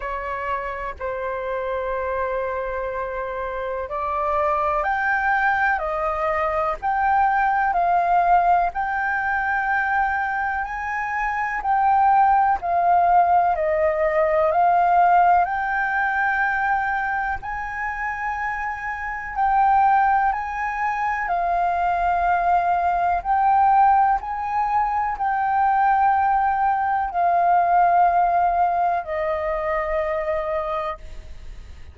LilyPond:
\new Staff \with { instrumentName = "flute" } { \time 4/4 \tempo 4 = 62 cis''4 c''2. | d''4 g''4 dis''4 g''4 | f''4 g''2 gis''4 | g''4 f''4 dis''4 f''4 |
g''2 gis''2 | g''4 gis''4 f''2 | g''4 gis''4 g''2 | f''2 dis''2 | }